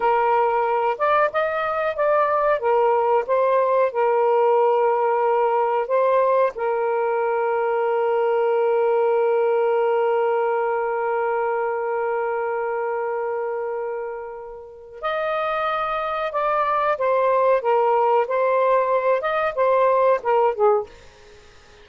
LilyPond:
\new Staff \with { instrumentName = "saxophone" } { \time 4/4 \tempo 4 = 92 ais'4. d''8 dis''4 d''4 | ais'4 c''4 ais'2~ | ais'4 c''4 ais'2~ | ais'1~ |
ais'1~ | ais'2. dis''4~ | dis''4 d''4 c''4 ais'4 | c''4. dis''8 c''4 ais'8 gis'8 | }